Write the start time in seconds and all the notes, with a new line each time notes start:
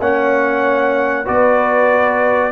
0.00 A#3 C#4 C#5 F#5
1.25 B3 F#4 B4 D5